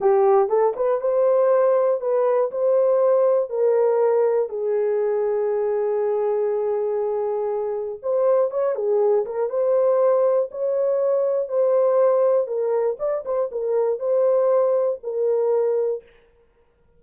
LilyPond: \new Staff \with { instrumentName = "horn" } { \time 4/4 \tempo 4 = 120 g'4 a'8 b'8 c''2 | b'4 c''2 ais'4~ | ais'4 gis'2.~ | gis'1 |
c''4 cis''8 gis'4 ais'8 c''4~ | c''4 cis''2 c''4~ | c''4 ais'4 d''8 c''8 ais'4 | c''2 ais'2 | }